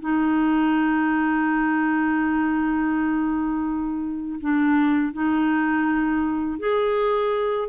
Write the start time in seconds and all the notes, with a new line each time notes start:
0.00 D#4
4.40 D4
5.13 D#4
6.59 G#4